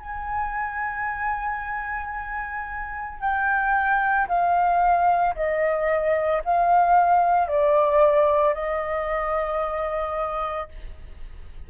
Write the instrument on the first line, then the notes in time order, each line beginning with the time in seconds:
flute
0.00 G#5
3.20 G5
4.29 F5
5.36 D#5
6.45 F5
7.48 D5
8.55 D#5